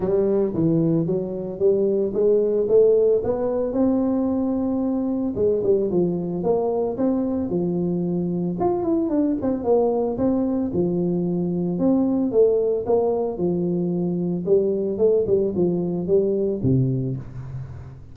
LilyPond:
\new Staff \with { instrumentName = "tuba" } { \time 4/4 \tempo 4 = 112 g4 e4 fis4 g4 | gis4 a4 b4 c'4~ | c'2 gis8 g8 f4 | ais4 c'4 f2 |
f'8 e'8 d'8 c'8 ais4 c'4 | f2 c'4 a4 | ais4 f2 g4 | a8 g8 f4 g4 c4 | }